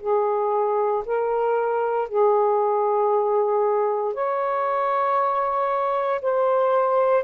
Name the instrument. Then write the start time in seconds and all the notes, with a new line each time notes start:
saxophone
0.00 G#4
1.05 A#4
2.08 G#4
4.14 C#5
6.21 C5